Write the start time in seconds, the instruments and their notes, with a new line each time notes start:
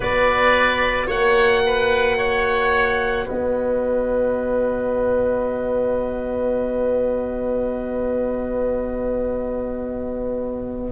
0.00 tuba B3, trombone F#4, oboe B4 D5
1.07 tuba A#3, oboe C#5 F#5
1.65 oboe B4
2.17 oboe C#5
3.25 tuba B3, oboe B4 D#5